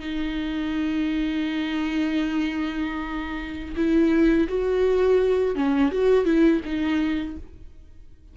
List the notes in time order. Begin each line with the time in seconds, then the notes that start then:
0.00 D#4
3.76 E4
4.48 F#4
5.56 C#4
5.92 F#4
6.25 E4
6.65 D#4